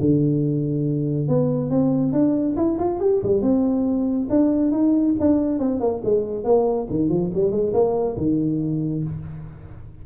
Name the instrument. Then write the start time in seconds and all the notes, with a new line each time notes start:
tuba
0.00 D3
1.28 B3
1.70 C4
2.13 D4
2.56 E4
2.79 F4
3.00 G4
3.23 G3
3.42 C4
4.30 D4
4.71 D#4
5.20 D4
5.59 C4
5.80 A#3
6.04 G#3
6.44 A#3
6.90 D#3
7.09 F3
7.34 G3
7.51 G#3
7.73 A#3
8.17 D#3